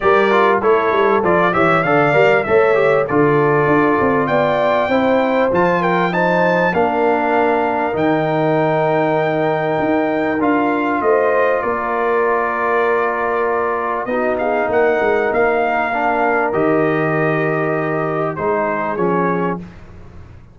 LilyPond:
<<
  \new Staff \with { instrumentName = "trumpet" } { \time 4/4 \tempo 4 = 98 d''4 cis''4 d''8 e''8 f''4 | e''4 d''2 g''4~ | g''4 a''8 g''8 a''4 f''4~ | f''4 g''2.~ |
g''4 f''4 dis''4 d''4~ | d''2. dis''8 f''8 | fis''4 f''2 dis''4~ | dis''2 c''4 cis''4 | }
  \new Staff \with { instrumentName = "horn" } { \time 4/4 ais'4 a'4. cis''8 d''4 | cis''4 a'2 d''4 | c''4. ais'8 c''4 ais'4~ | ais'1~ |
ais'2 c''4 ais'4~ | ais'2. fis'8 gis'8 | ais'1~ | ais'2 gis'2 | }
  \new Staff \with { instrumentName = "trombone" } { \time 4/4 g'8 f'8 e'4 f'8 g'8 a'8 ais'8 | a'8 g'8 f'2. | e'4 f'4 dis'4 d'4~ | d'4 dis'2.~ |
dis'4 f'2.~ | f'2. dis'4~ | dis'2 d'4 g'4~ | g'2 dis'4 cis'4 | }
  \new Staff \with { instrumentName = "tuba" } { \time 4/4 g4 a8 g8 f8 e8 d8 g8 | a4 d4 d'8 c'8 b4 | c'4 f2 ais4~ | ais4 dis2. |
dis'4 d'4 a4 ais4~ | ais2. b4 | ais8 gis8 ais2 dis4~ | dis2 gis4 f4 | }
>>